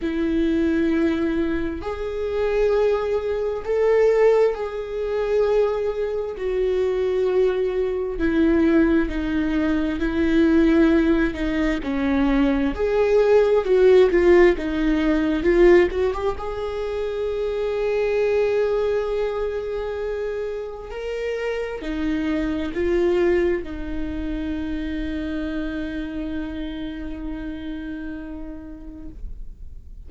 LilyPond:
\new Staff \with { instrumentName = "viola" } { \time 4/4 \tempo 4 = 66 e'2 gis'2 | a'4 gis'2 fis'4~ | fis'4 e'4 dis'4 e'4~ | e'8 dis'8 cis'4 gis'4 fis'8 f'8 |
dis'4 f'8 fis'16 g'16 gis'2~ | gis'2. ais'4 | dis'4 f'4 dis'2~ | dis'1 | }